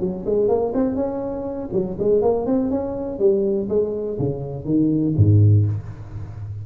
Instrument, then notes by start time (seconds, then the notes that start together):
tuba
0.00 F#3
0.26 G#3
0.48 A#3
0.74 C4
0.95 C#4
1.73 F#3
1.99 G#3
2.22 A#3
2.46 C4
2.70 C#4
3.19 G3
3.69 G#3
4.19 C#3
4.65 D#3
5.17 G#2